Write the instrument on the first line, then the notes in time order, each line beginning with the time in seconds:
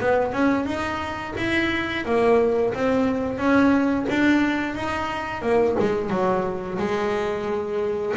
double bass
0.00 B3
0.33 C#4
0.66 D#4
1.38 E4
2.05 A#3
2.74 C4
3.38 C#4
4.10 D4
4.75 D#4
5.42 A#3
5.80 G#3
6.10 F#3
6.78 G#3